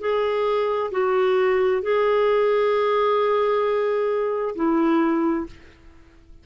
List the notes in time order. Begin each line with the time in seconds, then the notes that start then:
0.00 G#4
0.91 F#4
1.82 G#4
4.55 E4